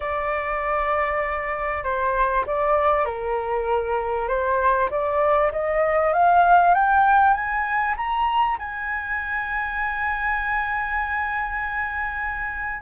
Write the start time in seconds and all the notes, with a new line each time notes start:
0.00 D5
1.83 C5
2.46 D5
3.05 A#4
4.27 C5
4.90 D5
5.52 D#5
6.13 F5
6.74 G5
7.33 G#5
7.96 A#5
8.59 G#5